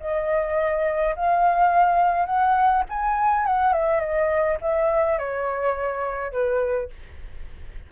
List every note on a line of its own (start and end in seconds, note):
0.00 1.15 D#5
1.16 2.26 F5
2.26 2.83 F#5
2.90 3.46 G#5
3.46 3.73 F#5
3.73 4.00 E5
4.00 4.58 D#5
4.62 5.19 E5
5.19 6.32 C#5
6.32 6.90 B4